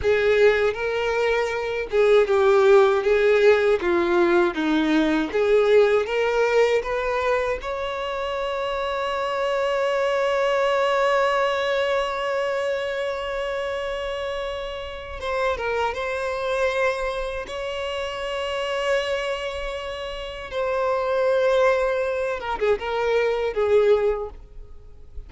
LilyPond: \new Staff \with { instrumentName = "violin" } { \time 4/4 \tempo 4 = 79 gis'4 ais'4. gis'8 g'4 | gis'4 f'4 dis'4 gis'4 | ais'4 b'4 cis''2~ | cis''1~ |
cis''1 | c''8 ais'8 c''2 cis''4~ | cis''2. c''4~ | c''4. ais'16 gis'16 ais'4 gis'4 | }